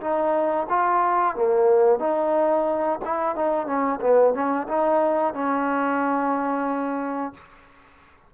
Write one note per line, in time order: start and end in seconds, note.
0.00 0.67 D#4
0.69 1.35 F4
1.35 1.99 A#3
1.99 2.99 D#4
3.05 3.35 E4
3.35 3.66 D#4
3.66 3.99 C#4
4.01 4.33 B3
4.33 4.67 C#4
4.68 5.34 D#4
5.34 7.34 C#4